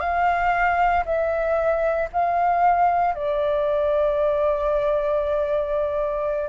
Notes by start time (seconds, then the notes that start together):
0.00 F5
1.05 E5
2.12 F5
3.14 D5